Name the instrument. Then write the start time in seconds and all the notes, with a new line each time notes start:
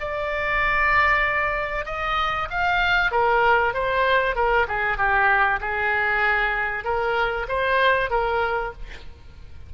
oboe
0.00 D5
1.86 D#5
2.50 F5
3.11 A#4
3.74 C5
4.35 A#4
4.68 G#4
4.97 G4
5.61 G#4
6.84 A#4
7.48 C5
8.10 A#4